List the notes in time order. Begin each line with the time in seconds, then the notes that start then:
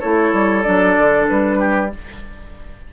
0.00 A3 E4 A4 C#5
0.33 G3
0.63 F#3 D4 D5
0.98 D3
1.29 G3 B4
1.59 G4